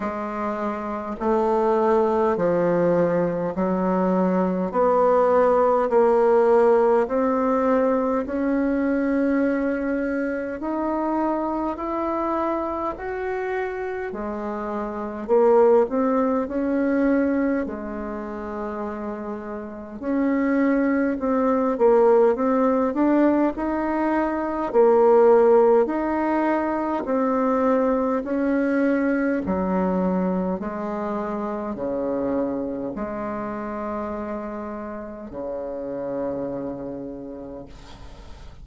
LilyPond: \new Staff \with { instrumentName = "bassoon" } { \time 4/4 \tempo 4 = 51 gis4 a4 f4 fis4 | b4 ais4 c'4 cis'4~ | cis'4 dis'4 e'4 fis'4 | gis4 ais8 c'8 cis'4 gis4~ |
gis4 cis'4 c'8 ais8 c'8 d'8 | dis'4 ais4 dis'4 c'4 | cis'4 fis4 gis4 cis4 | gis2 cis2 | }